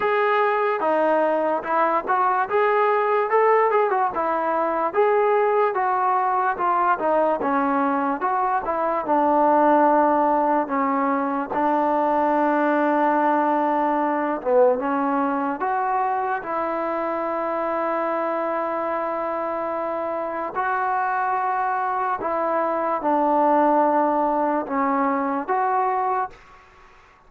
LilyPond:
\new Staff \with { instrumentName = "trombone" } { \time 4/4 \tempo 4 = 73 gis'4 dis'4 e'8 fis'8 gis'4 | a'8 gis'16 fis'16 e'4 gis'4 fis'4 | f'8 dis'8 cis'4 fis'8 e'8 d'4~ | d'4 cis'4 d'2~ |
d'4. b8 cis'4 fis'4 | e'1~ | e'4 fis'2 e'4 | d'2 cis'4 fis'4 | }